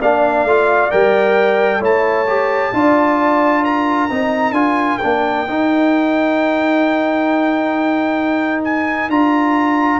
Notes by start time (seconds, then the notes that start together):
0.00 A#3 D4 D5 F5
0.45 A3 F4
0.91 G3 A#4 G5
1.81 A3 E4 C#5 A5
2.28 G4
2.73 D4 F4 D5
3.64 A#4 A#5
4.10 C4 D#4
4.51 D4 F4 G#5
4.98 A#3 D4 G5
5.48 D#4
8.65 G#5
9.09 D4 F4 A#5